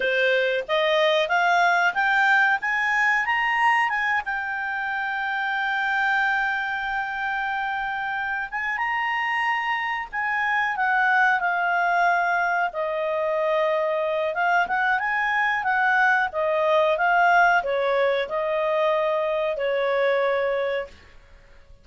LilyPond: \new Staff \with { instrumentName = "clarinet" } { \time 4/4 \tempo 4 = 92 c''4 dis''4 f''4 g''4 | gis''4 ais''4 gis''8 g''4.~ | g''1~ | g''4 gis''8 ais''2 gis''8~ |
gis''8 fis''4 f''2 dis''8~ | dis''2 f''8 fis''8 gis''4 | fis''4 dis''4 f''4 cis''4 | dis''2 cis''2 | }